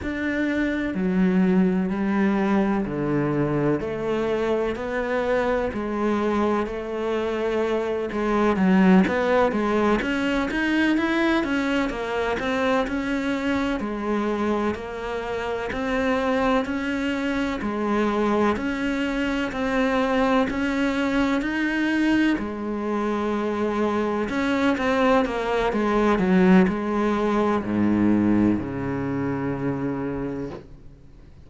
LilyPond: \new Staff \with { instrumentName = "cello" } { \time 4/4 \tempo 4 = 63 d'4 fis4 g4 d4 | a4 b4 gis4 a4~ | a8 gis8 fis8 b8 gis8 cis'8 dis'8 e'8 | cis'8 ais8 c'8 cis'4 gis4 ais8~ |
ais8 c'4 cis'4 gis4 cis'8~ | cis'8 c'4 cis'4 dis'4 gis8~ | gis4. cis'8 c'8 ais8 gis8 fis8 | gis4 gis,4 cis2 | }